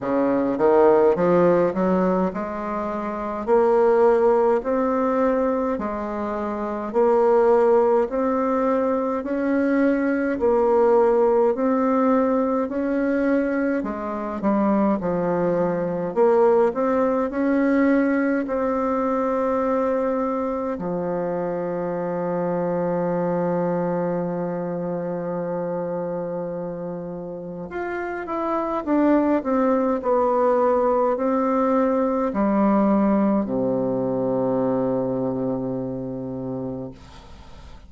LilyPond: \new Staff \with { instrumentName = "bassoon" } { \time 4/4 \tempo 4 = 52 cis8 dis8 f8 fis8 gis4 ais4 | c'4 gis4 ais4 c'4 | cis'4 ais4 c'4 cis'4 | gis8 g8 f4 ais8 c'8 cis'4 |
c'2 f2~ | f1 | f'8 e'8 d'8 c'8 b4 c'4 | g4 c2. | }